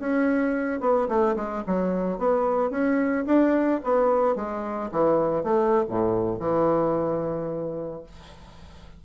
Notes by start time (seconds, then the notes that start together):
0.00 C#4
0.81 B3
1.09 A3
1.37 G#3
1.67 F#3
2.19 B3
2.71 C#4
3.27 D4
3.84 B3
4.36 G#3
4.92 E3
5.44 A3
5.89 A2
6.40 E3